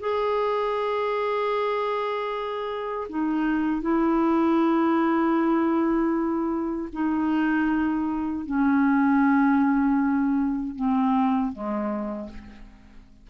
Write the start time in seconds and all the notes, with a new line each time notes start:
0.00 G#4
3.09 D#4
3.82 E4
6.93 D#4
8.46 C#4
10.76 C4
11.52 G#3